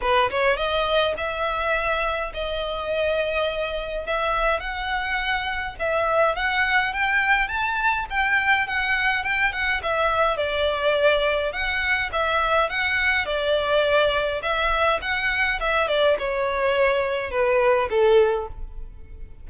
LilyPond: \new Staff \with { instrumentName = "violin" } { \time 4/4 \tempo 4 = 104 b'8 cis''8 dis''4 e''2 | dis''2. e''4 | fis''2 e''4 fis''4 | g''4 a''4 g''4 fis''4 |
g''8 fis''8 e''4 d''2 | fis''4 e''4 fis''4 d''4~ | d''4 e''4 fis''4 e''8 d''8 | cis''2 b'4 a'4 | }